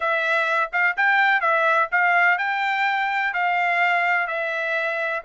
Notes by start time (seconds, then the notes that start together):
0.00 E5
0.72 F5
0.97 G5
1.40 E5
1.91 F5
2.38 G5
3.33 F5
4.27 E5